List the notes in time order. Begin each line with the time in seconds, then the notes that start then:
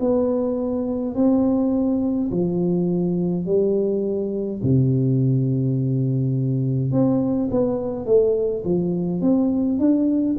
0.00 B3
1.14 C4
2.31 F3
3.45 G3
4.63 C3
6.91 C4
7.51 B3
8.05 A3
8.64 F3
9.21 C4
9.79 D4